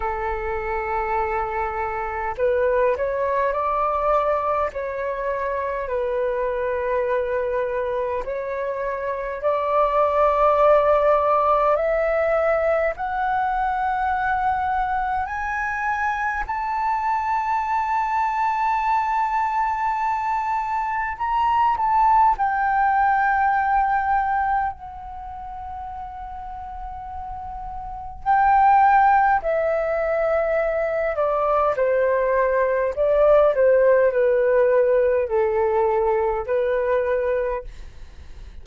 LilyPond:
\new Staff \with { instrumentName = "flute" } { \time 4/4 \tempo 4 = 51 a'2 b'8 cis''8 d''4 | cis''4 b'2 cis''4 | d''2 e''4 fis''4~ | fis''4 gis''4 a''2~ |
a''2 ais''8 a''8 g''4~ | g''4 fis''2. | g''4 e''4. d''8 c''4 | d''8 c''8 b'4 a'4 b'4 | }